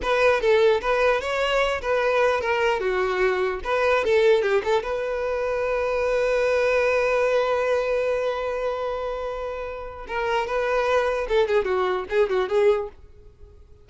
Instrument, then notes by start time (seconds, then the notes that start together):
violin
0.02 B4
0.40 A4
0.81 B4
1.21 C#5
1.81 B4
2.41 A#4
2.79 F#4
3.64 B4
4.04 A4
4.41 G4
4.63 A4
4.82 B4
10.07 A#4
10.46 B4
11.28 A4
11.47 G#4
11.64 F#4
12.09 G#4
12.29 F#4
12.48 G#4